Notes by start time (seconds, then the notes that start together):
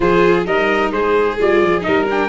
0.00 F3 F4 G#4 C5
0.45 G3 D#4 A#4 D#5
0.91 G#3 G#4 C5
1.39 G3 F4 D5
1.62 F3
1.81 G3 D#4 A#4 D#5
2.10 D4 G5